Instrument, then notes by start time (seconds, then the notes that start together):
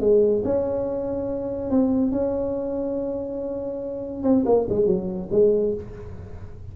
tuba
0.00 G#3
0.44 C#4
1.70 C4
2.11 C#4
4.23 C4
4.45 A#3
4.69 G#3
4.86 F#3
5.31 G#3